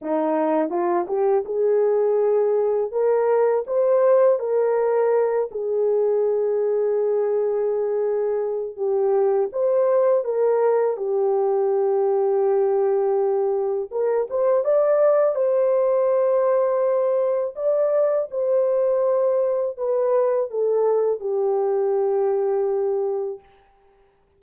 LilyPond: \new Staff \with { instrumentName = "horn" } { \time 4/4 \tempo 4 = 82 dis'4 f'8 g'8 gis'2 | ais'4 c''4 ais'4. gis'8~ | gis'1 | g'4 c''4 ais'4 g'4~ |
g'2. ais'8 c''8 | d''4 c''2. | d''4 c''2 b'4 | a'4 g'2. | }